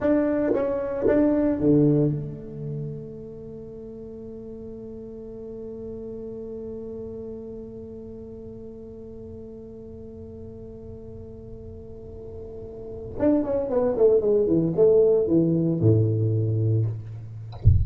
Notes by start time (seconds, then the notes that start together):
0.00 D4
0.53 C#4
1.07 D4
1.59 D3
2.10 A3
13.18 D4
13.43 C#4
13.69 B3
13.96 A3
14.20 G#3
14.46 E3
14.76 A3
15.27 E3
15.80 A2